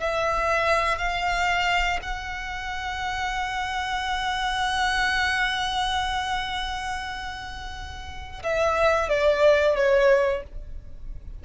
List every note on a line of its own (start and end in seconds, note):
0.00 0.98 E5
0.98 1.99 F5
2.02 8.42 F#5
8.43 9.09 E5
9.09 9.76 D5
9.76 10.43 C#5